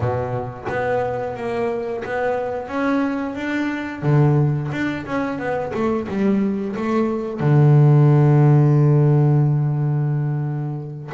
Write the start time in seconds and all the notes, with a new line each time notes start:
0.00 B2
0.69 B3
1.36 A#3
2.04 B3
2.67 C#4
3.35 D4
4.02 D3
4.72 D4
5.06 C#4
5.38 B3
5.74 A3
6.08 G3
6.75 A3
7.40 D3